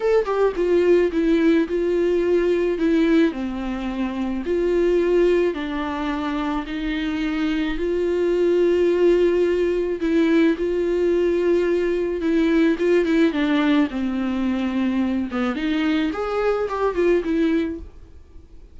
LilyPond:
\new Staff \with { instrumentName = "viola" } { \time 4/4 \tempo 4 = 108 a'8 g'8 f'4 e'4 f'4~ | f'4 e'4 c'2 | f'2 d'2 | dis'2 f'2~ |
f'2 e'4 f'4~ | f'2 e'4 f'8 e'8 | d'4 c'2~ c'8 b8 | dis'4 gis'4 g'8 f'8 e'4 | }